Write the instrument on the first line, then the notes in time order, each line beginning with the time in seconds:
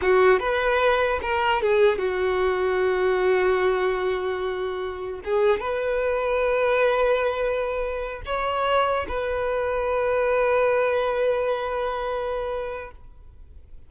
violin
0.01 F#4
0.39 B4
1.22 A#4
1.61 G#4
1.98 F#4
5.24 G#4
5.60 B4
8.25 C#5
9.08 B4